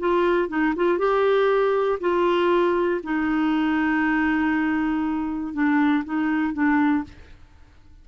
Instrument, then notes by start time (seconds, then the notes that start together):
clarinet
0.00 F4
0.49 D#4
0.76 F4
0.99 G4
2.01 F4
3.04 D#4
5.54 D4
6.05 D#4
6.54 D4